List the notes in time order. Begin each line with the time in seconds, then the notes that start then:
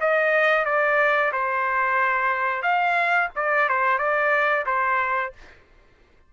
0.00 D#5
0.65 D5
1.32 C5
2.62 F5
3.35 D5
3.68 C5
3.98 D5
4.66 C5